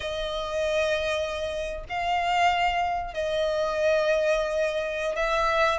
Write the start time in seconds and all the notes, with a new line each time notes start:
0.00 D#5
1.89 F5
3.13 D#5
5.16 E5